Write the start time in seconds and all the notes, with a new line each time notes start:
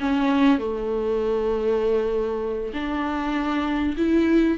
0.00 C#4
0.59 A3
2.74 D4
3.97 E4